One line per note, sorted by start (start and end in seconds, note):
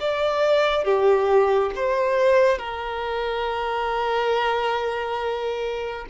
0.00 0.84 D5
0.84 1.71 G4
1.75 2.58 C5
2.58 6.06 A#4